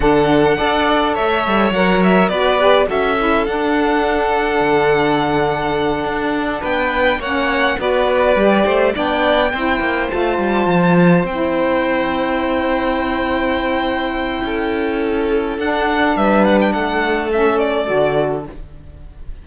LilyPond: <<
  \new Staff \with { instrumentName = "violin" } { \time 4/4 \tempo 4 = 104 fis''2 e''4 fis''8 e''8 | d''4 e''4 fis''2~ | fis''2.~ fis''8 g''8~ | g''8 fis''4 d''2 g''8~ |
g''4. a''2 g''8~ | g''1~ | g''2. fis''4 | e''8 fis''16 g''16 fis''4 e''8 d''4. | }
  \new Staff \with { instrumentName = "violin" } { \time 4/4 a'4 d''4 cis''2 | b'4 a'2.~ | a'2.~ a'8 b'8~ | b'8 cis''4 b'4. c''8 d''8~ |
d''8 c''2.~ c''8~ | c''1~ | c''4 a'2. | b'4 a'2. | }
  \new Staff \with { instrumentName = "saxophone" } { \time 4/4 d'4 a'2 ais'4 | fis'8 g'8 fis'8 e'8 d'2~ | d'1~ | d'8 cis'4 fis'4 g'4 d'8~ |
d'8 e'4 f'2 e'8~ | e'1~ | e'2. d'4~ | d'2 cis'4 fis'4 | }
  \new Staff \with { instrumentName = "cello" } { \time 4/4 d4 d'4 a8 g8 fis4 | b4 cis'4 d'2 | d2~ d8 d'4 b8~ | b8 ais4 b4 g8 a8 b8~ |
b8 c'8 ais8 a8 g8 f4 c'8~ | c'1~ | c'4 cis'2 d'4 | g4 a2 d4 | }
>>